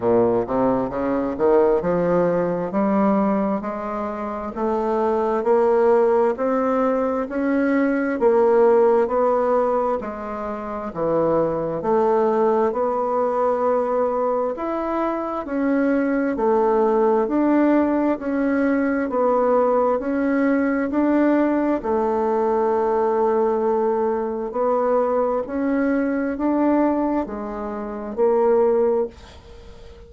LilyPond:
\new Staff \with { instrumentName = "bassoon" } { \time 4/4 \tempo 4 = 66 ais,8 c8 cis8 dis8 f4 g4 | gis4 a4 ais4 c'4 | cis'4 ais4 b4 gis4 | e4 a4 b2 |
e'4 cis'4 a4 d'4 | cis'4 b4 cis'4 d'4 | a2. b4 | cis'4 d'4 gis4 ais4 | }